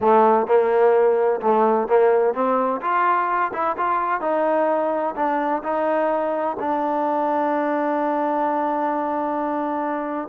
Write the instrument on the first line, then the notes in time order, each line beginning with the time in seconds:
trombone
0.00 A3
0.47 A#3
1.41 A3
1.87 A#3
2.34 C4
2.81 F4
3.53 E4
3.77 F4
4.21 D#4
5.15 D4
5.63 D#4
6.59 D4